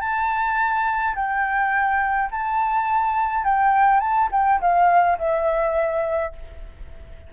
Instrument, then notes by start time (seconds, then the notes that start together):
flute
0.00 A5
1.15 G5
2.31 A5
3.44 G5
4.00 A5
4.31 G5
4.61 F5
5.18 E5